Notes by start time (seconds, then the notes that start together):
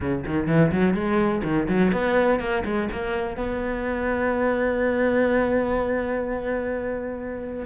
0.00 C#3
0.26 D#3
0.47 E3
0.71 F#3
0.94 G#3
1.43 D#3
1.68 F#3
1.92 B3
2.39 A#3
2.64 G#3
2.92 A#3
3.36 B3